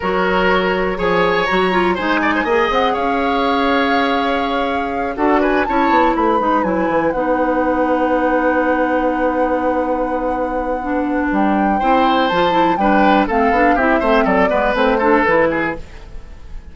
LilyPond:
<<
  \new Staff \with { instrumentName = "flute" } { \time 4/4 \tempo 4 = 122 cis''2 gis''4 ais''4 | gis''4. fis''8 f''2~ | f''2~ f''8 fis''8 gis''8 a''8~ | a''8 b''4 gis''4 fis''4.~ |
fis''1~ | fis''2. g''4~ | g''4 a''4 g''4 f''4 | e''4 d''4 c''4 b'4 | }
  \new Staff \with { instrumentName = "oboe" } { \time 4/4 ais'2 cis''2 | c''8 d''16 c''16 dis''4 cis''2~ | cis''2~ cis''8 a'8 b'8 cis''8~ | cis''8 b'2.~ b'8~ |
b'1~ | b'1 | c''2 b'4 a'4 | g'8 c''8 a'8 b'4 a'4 gis'8 | }
  \new Staff \with { instrumentName = "clarinet" } { \time 4/4 fis'2 gis'4 fis'8 f'8 | dis'4 gis'2.~ | gis'2~ gis'8 fis'4 e'8~ | e'4 dis'8 e'4 dis'4.~ |
dis'1~ | dis'2 d'2 | e'4 f'8 e'8 d'4 c'8 d'8 | e'8 c'4 b8 c'8 d'8 e'4 | }
  \new Staff \with { instrumentName = "bassoon" } { \time 4/4 fis2 f4 fis4 | gis4 ais8 c'8 cis'2~ | cis'2~ cis'8 d'4 cis'8 | b8 a8 gis8 fis8 e8 b4.~ |
b1~ | b2. g4 | c'4 f4 g4 a8 b8 | c'8 a8 fis8 gis8 a4 e4 | }
>>